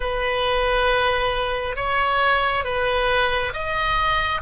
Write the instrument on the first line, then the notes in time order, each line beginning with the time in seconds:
oboe
0.00 B4
1.76 C#5
2.64 B4
3.53 D#5